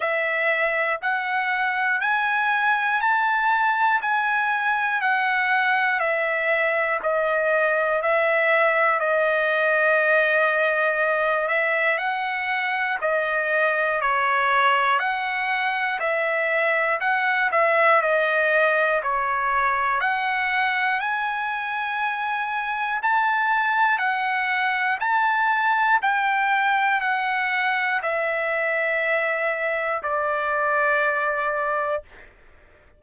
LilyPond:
\new Staff \with { instrumentName = "trumpet" } { \time 4/4 \tempo 4 = 60 e''4 fis''4 gis''4 a''4 | gis''4 fis''4 e''4 dis''4 | e''4 dis''2~ dis''8 e''8 | fis''4 dis''4 cis''4 fis''4 |
e''4 fis''8 e''8 dis''4 cis''4 | fis''4 gis''2 a''4 | fis''4 a''4 g''4 fis''4 | e''2 d''2 | }